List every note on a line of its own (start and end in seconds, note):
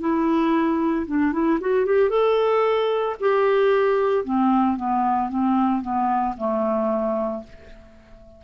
0.00 1.06 E4
1.06 1.33 D4
1.33 1.59 E4
1.61 1.86 F#4
1.86 2.10 G4
2.10 3.16 A4
3.20 4.25 G4
4.25 4.77 C4
4.77 5.29 B3
5.29 5.82 C4
5.82 6.35 B3
6.37 7.44 A3